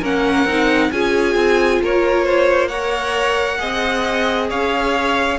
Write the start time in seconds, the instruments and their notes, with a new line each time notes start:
0.00 cello A#3, viola C#4, violin A#4 F#5
0.45 cello C4, viola D#4
0.92 cello C#4, viola F4, violin G#4 G#5
1.35 cello C4
1.83 cello A#3, violin A#4 C#5
2.25 violin C5
2.68 viola A#4, violin C#5 F#5
3.59 cello C4, viola G#4, violin D#5
4.50 cello C#4, violin C#5 F5